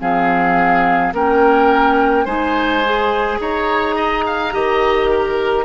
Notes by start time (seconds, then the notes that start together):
0.00 F3 C4 G#4 F5
1.12 A#3 C#4 A#4 G5
2.25 G#3 D#4 C5 G#5
2.84 G#4
3.40 D#4 C#5 A#5
3.96 D#5
4.26 F5
4.51 D#3 G4 D#5
5.10 A#4